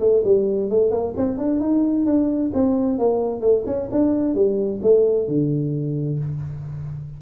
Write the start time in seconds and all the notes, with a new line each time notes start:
0.00 A3
0.24 G3
0.70 A3
0.91 A#3
1.17 C4
1.38 D4
1.61 D#4
2.06 D4
2.54 C4
2.99 A#3
3.41 A3
3.67 C#4
3.92 D4
4.35 G3
4.83 A3
5.28 D3